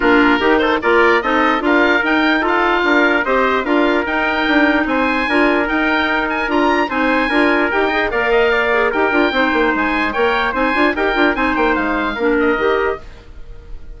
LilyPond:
<<
  \new Staff \with { instrumentName = "oboe" } { \time 4/4 \tempo 4 = 148 ais'4. c''8 d''4 dis''4 | f''4 g''4 f''2 | dis''4 f''4 g''2 | gis''2 g''4. gis''8 |
ais''4 gis''2 g''4 | f''2 g''2 | gis''4 g''4 gis''4 g''4 | gis''8 g''8 f''4. dis''4. | }
  \new Staff \with { instrumentName = "trumpet" } { \time 4/4 f'4 g'8 a'8 ais'4 a'4 | ais'2 a'4 ais'4 | c''4 ais'2. | c''4 ais'2.~ |
ais'4 c''4 ais'4. dis''8 | d''8 dis''8 d''4 ais'4 c''4~ | c''4 cis''4 c''4 ais'4 | c''2 ais'2 | }
  \new Staff \with { instrumentName = "clarinet" } { \time 4/4 d'4 dis'4 f'4 dis'4 | f'4 dis'4 f'2 | g'4 f'4 dis'2~ | dis'4 f'4 dis'2 |
f'4 dis'4 f'4 g'8 gis'8 | ais'4. gis'8 g'8 f'8 dis'4~ | dis'4 ais'4 dis'8 f'8 g'8 f'8 | dis'2 d'4 g'4 | }
  \new Staff \with { instrumentName = "bassoon" } { \time 4/4 ais4 dis4 ais4 c'4 | d'4 dis'2 d'4 | c'4 d'4 dis'4 d'4 | c'4 d'4 dis'2 |
d'4 c'4 d'4 dis'4 | ais2 dis'8 d'8 c'8 ais8 | gis4 ais4 c'8 d'8 dis'8 d'8 | c'8 ais8 gis4 ais4 dis4 | }
>>